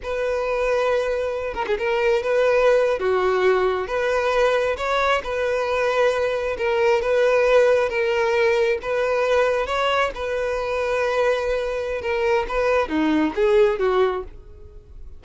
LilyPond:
\new Staff \with { instrumentName = "violin" } { \time 4/4 \tempo 4 = 135 b'2.~ b'8 ais'16 gis'16 | ais'4 b'4.~ b'16 fis'4~ fis'16~ | fis'8. b'2 cis''4 b'16~ | b'2~ b'8. ais'4 b'16~ |
b'4.~ b'16 ais'2 b'16~ | b'4.~ b'16 cis''4 b'4~ b'16~ | b'2. ais'4 | b'4 dis'4 gis'4 fis'4 | }